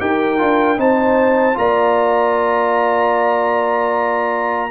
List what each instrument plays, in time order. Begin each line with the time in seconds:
0.00 tuba D#4, trombone G4, horn A#4, trumpet G5
0.38 tuba D4, trombone F4
0.77 tuba C4, trombone D#4, horn C5, trumpet A5
1.54 tuba A#3, trombone F4, horn D5, trumpet A#5